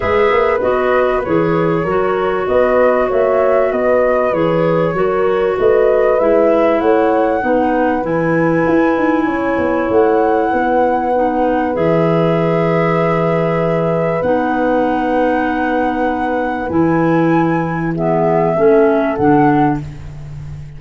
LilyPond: <<
  \new Staff \with { instrumentName = "flute" } { \time 4/4 \tempo 4 = 97 e''4 dis''4 cis''2 | dis''4 e''4 dis''4 cis''4~ | cis''4 dis''4 e''4 fis''4~ | fis''4 gis''2. |
fis''2. e''4~ | e''2. fis''4~ | fis''2. gis''4~ | gis''4 e''2 fis''4 | }
  \new Staff \with { instrumentName = "horn" } { \time 4/4 b'2. ais'4 | b'4 cis''4 b'2 | ais'4 b'2 cis''4 | b'2. cis''4~ |
cis''4 b'2.~ | b'1~ | b'1~ | b'4 gis'4 a'2 | }
  \new Staff \with { instrumentName = "clarinet" } { \time 4/4 gis'4 fis'4 gis'4 fis'4~ | fis'2. gis'4 | fis'2 e'2 | dis'4 e'2.~ |
e'2 dis'4 gis'4~ | gis'2. dis'4~ | dis'2. e'4~ | e'4 b4 cis'4 d'4 | }
  \new Staff \with { instrumentName = "tuba" } { \time 4/4 gis8 ais8 b4 e4 fis4 | b4 ais4 b4 e4 | fis4 a4 gis4 a4 | b4 e4 e'8 dis'8 cis'8 b8 |
a4 b2 e4~ | e2. b4~ | b2. e4~ | e2 a4 d4 | }
>>